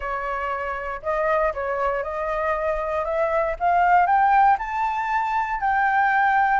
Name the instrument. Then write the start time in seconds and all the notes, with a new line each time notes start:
flute
0.00 C#5
1.02 D#5
1.54 C#5
2.03 D#5
3.04 E5
3.59 F5
4.06 G5
4.58 A5
5.60 G5